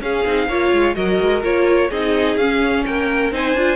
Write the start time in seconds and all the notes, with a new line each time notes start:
0.00 C#4 G#4 F5
0.26 C4 D#4
0.47 A#3 F4 C#5
0.72 G#3
0.95 F#3 F#4 A#4 D#5
1.20 G#3
1.42 A#3 F4 C#5
1.89 C4 D#4 G#4 D#5
2.37 C#4 F5
2.85 A#3 A#4 G5
3.31 C4 D#4 C5 G#5
3.54 D4 F4